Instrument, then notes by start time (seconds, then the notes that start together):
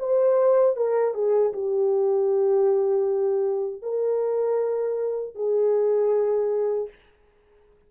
horn
0.00 C5
0.77 A#4
1.14 G#4
1.53 G4
3.83 A#4
5.35 G#4